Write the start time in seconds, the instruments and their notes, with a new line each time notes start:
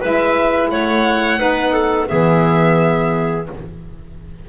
0.00 double bass G#3, saxophone E4, clarinet B4, violin E5
0.70 double bass A3, clarinet C#5, violin F#5
1.37 double bass B3, saxophone D#4, clarinet B4
1.73 clarinet A4
2.07 double bass E3, saxophone B3, clarinet G#4, violin E5